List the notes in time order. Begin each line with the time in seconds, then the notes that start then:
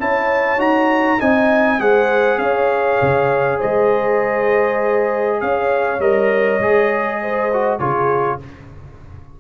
0.00 C#4 E4 C#5 A5
0.58 D#4 F#4 A#5
1.20 C4 D#4 D#5 G#5
1.79 G#3 G#4 C5 F#5
2.39 C#4 C#5 F5
3.02 C#3
3.59 G#3 C5 D#5
5.41 C#4 C#5 F5
6.00 G3 A#4 D#5
6.60 G#3 G#4
7.22 C5
7.54 F#4
7.79 C#3 F4 G#4 C#5